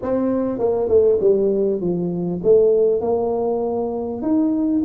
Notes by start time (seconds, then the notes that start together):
0.02 C4
0.58 A#3
0.88 A3
1.20 G3
1.80 F3
2.43 A3
3.00 A#3
4.21 D#4